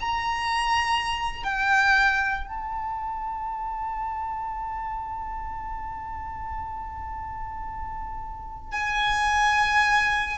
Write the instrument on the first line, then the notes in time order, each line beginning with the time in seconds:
violin
0.00 A#5
1.44 G5
2.48 A5
8.72 G#5